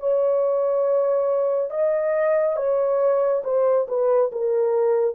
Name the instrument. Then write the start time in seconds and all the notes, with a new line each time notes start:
horn
0.00 C#5
1.71 D#5
2.57 C#5
3.44 C5
3.88 B4
4.32 A#4